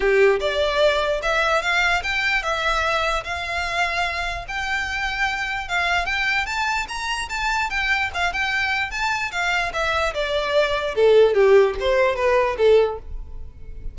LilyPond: \new Staff \with { instrumentName = "violin" } { \time 4/4 \tempo 4 = 148 g'4 d''2 e''4 | f''4 g''4 e''2 | f''2. g''4~ | g''2 f''4 g''4 |
a''4 ais''4 a''4 g''4 | f''8 g''4. a''4 f''4 | e''4 d''2 a'4 | g'4 c''4 b'4 a'4 | }